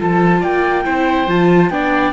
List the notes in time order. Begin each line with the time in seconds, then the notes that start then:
0.00 F3 F4 A4 A5
0.41 A#3 D5 G5
0.85 C4 E4 C5
1.27 F3 F4 A5
1.70 B3 D4 D5 G5